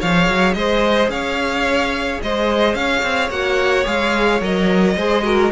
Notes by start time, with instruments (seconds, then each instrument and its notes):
0.00 cello F3, viola G#4, violin C#5 F5
0.28 cello F#3
0.54 cello G#3, violin C5 D#5
1.09 cello C#4, violin C#5 F5
2.23 cello G#3, violin C5 D#5
2.75 cello C#4, violin C#5 F5
3.03 cello C4
3.30 cello A#3, viola F#4, violin F#5
3.85 cello G#3, viola G#4, violin F5
4.41 cello F#3, viola A#4, violin D#5
4.96 cello G#3, viola G#4, violin C5
5.24 viola F#4, violin A#4